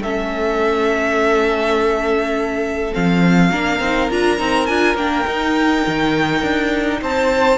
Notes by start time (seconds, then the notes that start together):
0.00 A3 C#4 A4 E5
2.92 F3 C4 F5
3.51 A#3 D4 A#4
3.80 C4 D#4
4.10 D4 F4 A#5
4.37 C4 D#4
4.66 D4 F4 G#5
4.95 A#3 D4 G5
5.26 D#4
5.87 D#3
6.42 D4
7.01 C4 C5 A5